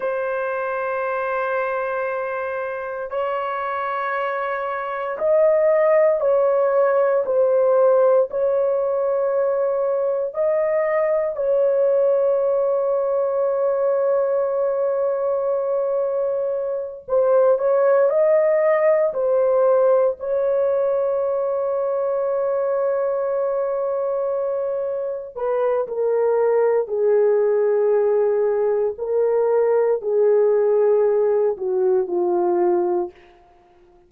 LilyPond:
\new Staff \with { instrumentName = "horn" } { \time 4/4 \tempo 4 = 58 c''2. cis''4~ | cis''4 dis''4 cis''4 c''4 | cis''2 dis''4 cis''4~ | cis''1~ |
cis''8 c''8 cis''8 dis''4 c''4 cis''8~ | cis''1~ | cis''8 b'8 ais'4 gis'2 | ais'4 gis'4. fis'8 f'4 | }